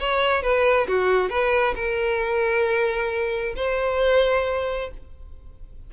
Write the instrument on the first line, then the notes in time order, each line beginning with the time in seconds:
violin
0.00 C#5
0.43 B4
0.88 F#4
1.30 B4
1.76 A#4
3.56 C5